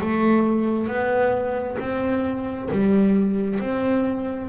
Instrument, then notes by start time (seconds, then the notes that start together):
double bass
0.00 A3
0.87 B3
1.79 C4
2.71 G3
3.59 C4